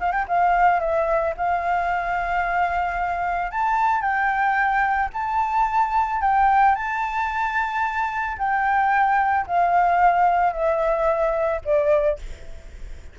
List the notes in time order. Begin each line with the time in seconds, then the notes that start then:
0.00 F5
0.12 G5
0.28 F5
0.80 E5
1.37 F5
3.51 A5
4.01 G5
5.14 A5
6.21 G5
6.75 A5
8.38 G5
9.47 F5
10.53 E5
11.65 D5